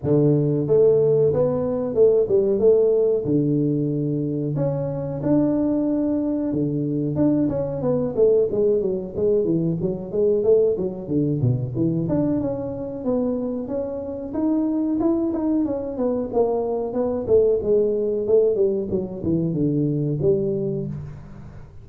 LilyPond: \new Staff \with { instrumentName = "tuba" } { \time 4/4 \tempo 4 = 92 d4 a4 b4 a8 g8 | a4 d2 cis'4 | d'2 d4 d'8 cis'8 | b8 a8 gis8 fis8 gis8 e8 fis8 gis8 |
a8 fis8 d8 b,8 e8 d'8 cis'4 | b4 cis'4 dis'4 e'8 dis'8 | cis'8 b8 ais4 b8 a8 gis4 | a8 g8 fis8 e8 d4 g4 | }